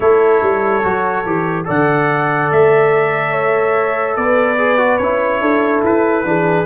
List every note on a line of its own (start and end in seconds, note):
0.00 0.42 A3
0.00 0.82 E4
0.00 1.66 A4
0.00 1.65 C#5
0.42 0.83 G3
0.83 1.26 F#3
0.83 1.24 F#4
1.26 1.67 E3
1.26 1.65 G4
1.65 2.51 D3
1.65 4.56 A4
1.65 3.31 D5
1.65 2.52 F#5
2.51 4.16 A3
2.51 4.16 E5
3.31 4.14 C#5
4.16 4.99 B3
4.16 5.41 B4
4.16 4.97 D5
4.57 4.77 G#4
4.77 4.98 F#4
4.97 5.41 C#4
4.97 6.24 E4
4.97 5.80 C#5
5.41 5.83 D4
5.41 6.24 A4
5.83 6.24 E4
5.83 6.65 B4
6.24 6.65 E3
6.24 6.65 D4
6.24 6.65 G#4